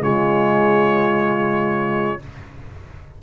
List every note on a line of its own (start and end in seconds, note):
0.00 2.20 C#3
0.00 2.20 G#3
0.00 2.21 F4
0.00 2.22 C#5